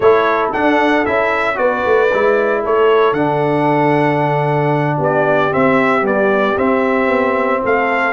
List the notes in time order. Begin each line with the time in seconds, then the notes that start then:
0.00 A3 E4 A4 C#5
0.53 D4 F#5
1.05 C#4 E4 E5
1.55 B3 F#4 B4 D5
1.85 A3
2.13 G#3 E4
2.62 A3 A4 C#5
3.12 D3 D4 F#5
4.97 B3 G4 D5
5.51 C4 E5
6.01 G3 B3 D5
6.57 C4 E5
7.07 B3
7.63 A3 A4 F5